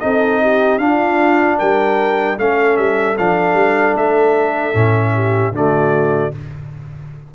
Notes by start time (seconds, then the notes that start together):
0.00 C4 D#4 A4 D#5
0.42 G4
0.78 D4 F4 F5
1.58 G3 A#4 G5
2.38 A3 C#4 A4 F5
2.77 G3 E5
3.18 F3 D4 F5
3.54 G3
3.94 A3 E5
4.74 A2 C#4
5.14 G4
5.52 D3 A3 F#4 D5